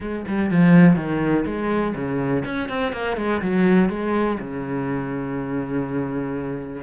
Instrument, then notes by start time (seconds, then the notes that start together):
cello
0.00 G#3
0.27 G3
0.50 F3
0.96 D#3
1.45 G#3
1.95 C#3
2.45 C#4
2.68 C4
2.92 A#3
3.16 G#3
3.41 F#3
3.89 G#3
4.39 C#3